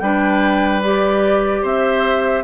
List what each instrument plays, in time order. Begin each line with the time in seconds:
0.00 bassoon G3, clarinet D4, oboe B4, flute G5
0.83 clarinet G4, flute D5
1.63 bassoon C4, oboe C5, flute E5